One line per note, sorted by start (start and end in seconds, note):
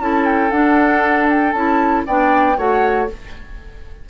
0.00 0.51 C#4
0.00 0.51 E4
0.00 2.07 A4
0.00 0.25 A5
0.25 0.51 G5
0.51 1.54 D4
0.51 1.56 D4
0.51 1.28 F#5
1.30 1.53 G5
1.53 2.05 C#4
1.53 2.07 E4
1.53 2.04 A5
2.07 2.58 B3
2.07 2.57 D4
2.07 2.58 D5
2.07 2.59 G5
2.57 3.09 A3
2.57 3.08 F#4
2.57 3.09 C#5
2.57 3.10 F#5